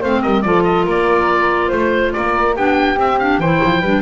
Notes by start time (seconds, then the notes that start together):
0.00 A3 C4 C5 F5
0.21 G3 A#4 D#5
0.41 F3 F4 A4 D5
0.63 D#5
0.84 A#3 A#4 D5
1.68 A3 C5
2.12 A#3 A#4 D5
2.56 B3 D4 G4 G5
2.96 C4 E5
3.18 D4 F5
3.38 E3 E4 C5 G5
3.63 F3
3.80 G3 D4 B4